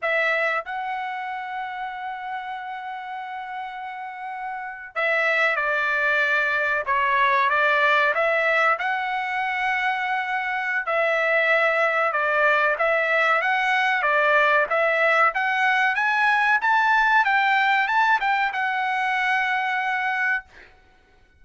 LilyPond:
\new Staff \with { instrumentName = "trumpet" } { \time 4/4 \tempo 4 = 94 e''4 fis''2.~ | fis''2.~ fis''8. e''16~ | e''8. d''2 cis''4 d''16~ | d''8. e''4 fis''2~ fis''16~ |
fis''4 e''2 d''4 | e''4 fis''4 d''4 e''4 | fis''4 gis''4 a''4 g''4 | a''8 g''8 fis''2. | }